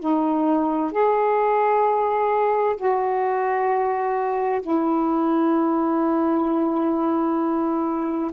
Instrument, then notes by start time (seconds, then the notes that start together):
saxophone
0.00 D#4
0.92 G#4
2.77 F#4
4.62 E4